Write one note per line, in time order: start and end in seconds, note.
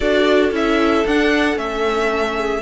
0.00 0.51 D4
0.00 0.52 F#4
0.00 2.32 A4
0.00 0.52 D5
0.51 1.04 C#4
0.51 1.04 E4
0.51 1.07 E5
1.06 1.56 D4
1.06 1.55 D4
1.06 1.57 F#5
1.55 2.62 A3
1.55 2.60 C#4
1.55 2.62 E5
2.37 2.62 G#4